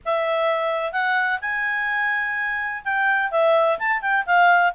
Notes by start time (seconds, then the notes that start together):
0.05 E5
0.92 F#5
1.41 G#5
2.84 G5
3.31 E5
3.78 A5
4.01 G5
4.25 F5